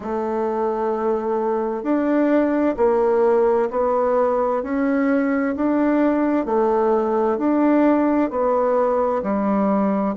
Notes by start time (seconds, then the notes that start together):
0.00 A3
1.83 D4
2.77 A#3
3.70 B3
4.62 C#4
5.56 D4
6.45 A3
7.38 D4
8.30 B3
9.22 G3